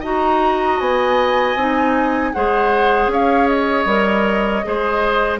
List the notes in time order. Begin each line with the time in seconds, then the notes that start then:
0.00 D#4 F#4 D#5 A#5
0.79 B3 G#5
1.55 C4 D#4
2.33 G#3 G#4 C5 F#5
3.07 C#4 C#5 F5
3.47 D#5
3.85 G3 A#4
4.64 G#3 G#4 C5